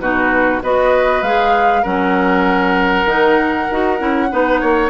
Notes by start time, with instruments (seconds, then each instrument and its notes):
0.00 bassoon B2, clarinet D#4, oboe F#4, flute B4
0.62 bassoon B3, clarinet F#4, oboe B4, flute D#5
1.22 bassoon G#3, clarinet G#4, flute F5
1.82 bassoon F#3, clarinet C#4, oboe A#4, flute F#5
3.05 bassoon D#3, clarinet D#4
3.71 bassoon D#4, clarinet F#4
3.98 bassoon C#4, clarinet E4
4.31 bassoon B3, clarinet D#4, oboe B4
4.61 bassoon A#3, oboe C#5